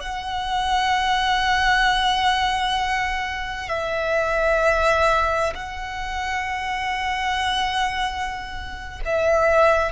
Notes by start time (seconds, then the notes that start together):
0.00 F#5
3.68 E5
5.54 F#5
9.05 E5